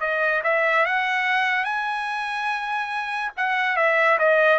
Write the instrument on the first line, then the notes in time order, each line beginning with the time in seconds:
trumpet
0.00 D#5
0.44 E5
0.85 F#5
1.64 G#5
3.37 F#5
3.76 E5
4.19 D#5